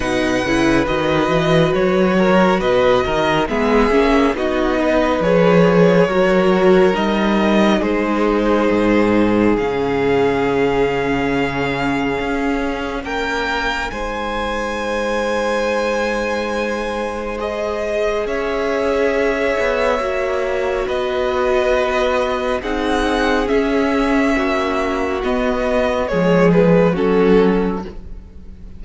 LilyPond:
<<
  \new Staff \with { instrumentName = "violin" } { \time 4/4 \tempo 4 = 69 fis''4 dis''4 cis''4 dis''4 | e''4 dis''4 cis''2 | dis''4 c''2 f''4~ | f''2. g''4 |
gis''1 | dis''4 e''2. | dis''2 fis''4 e''4~ | e''4 dis''4 cis''8 b'8 a'4 | }
  \new Staff \with { instrumentName = "violin" } { \time 4/4 b'2~ b'8 ais'8 b'8 ais'8 | gis'4 fis'8 b'4. ais'4~ | ais'4 gis'2.~ | gis'2. ais'4 |
c''1~ | c''4 cis''2. | b'2 gis'2 | fis'2 gis'4 fis'4 | }
  \new Staff \with { instrumentName = "viola" } { \time 4/4 dis'8 e'8 fis'2. | b8 cis'8 dis'4 gis'4 fis'4 | dis'2. cis'4~ | cis'1 |
dis'1 | gis'2. fis'4~ | fis'2 dis'4 cis'4~ | cis'4 b4 gis4 cis'4 | }
  \new Staff \with { instrumentName = "cello" } { \time 4/4 b,8 cis8 dis8 e8 fis4 b,8 dis8 | gis8 ais8 b4 f4 fis4 | g4 gis4 gis,4 cis4~ | cis2 cis'4 ais4 |
gis1~ | gis4 cis'4. b8 ais4 | b2 c'4 cis'4 | ais4 b4 f4 fis4 | }
>>